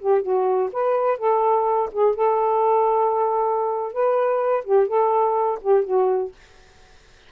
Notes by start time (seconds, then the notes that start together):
0.00 G4
0.22 F#4
0.73 B4
1.18 A4
1.92 G#4
2.16 A4
3.93 B4
4.65 G4
4.88 A4
5.61 G4
5.85 F#4